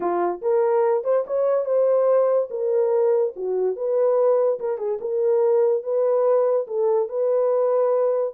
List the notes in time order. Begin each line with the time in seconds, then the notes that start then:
0.00 F4
0.41 A#4
1.04 C5
1.27 C#5
1.65 C5
2.50 A#4
3.35 F#4
3.76 B4
4.59 A#4
4.77 G#4
5.00 A#4
5.83 B4
6.67 A4
7.08 B4